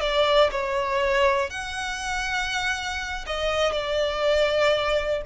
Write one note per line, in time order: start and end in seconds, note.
0.00 0.50 D5
0.51 1.50 C#5
1.50 3.25 F#5
3.26 3.72 D#5
3.72 5.22 D5